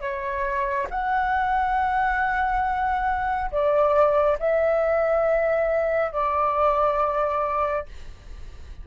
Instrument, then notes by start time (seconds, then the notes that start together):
flute
0.00 C#5
0.90 F#5
3.51 D5
4.39 E5
6.11 D5